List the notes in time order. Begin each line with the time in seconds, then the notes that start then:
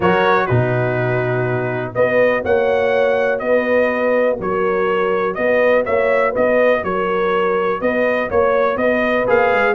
0.00 F#3 F#4 A#4 C#5
0.46 B2 D#4 F#4 B4
1.94 B3 F#4 B4 D#5
2.43 A#3 C#5 F#5
3.38 B3 B4 D#5
4.38 F#3 A#4 C#5
5.34 B3 B4 D#5
5.84 A#3 C#5 E5
6.30 B4 D#5
6.36 B3
6.83 F#3 A#4 C#5
7.80 B3 B4 D#5
8.28 A#3 C#5
8.76 B3 B4 D#5
9.26 A#3 G#4 F5
9.52 G#3